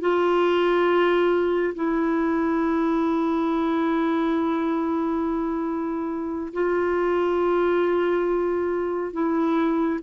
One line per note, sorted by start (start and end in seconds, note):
0.00 1.74 F4
1.74 6.53 E4
6.53 9.12 F4
9.12 9.99 E4